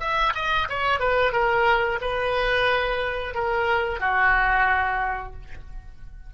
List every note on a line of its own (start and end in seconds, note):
0.00 0.33 E5
0.35 0.68 D#5
0.69 1.00 C#5
1.00 1.32 B4
1.32 1.99 A#4
2.02 3.35 B4
3.35 4.00 A#4
4.00 5.33 F#4